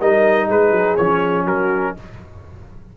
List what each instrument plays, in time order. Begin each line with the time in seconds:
0.00 tuba G3, trombone D#4, horn A#4, trumpet D#5
0.48 tuba G#3, horn G#4, trumpet B4
0.71 tuba F#3
0.96 tuba F3, trombone C#4, trumpet C#5
1.45 tuba F#3, horn F#4, trumpet A#4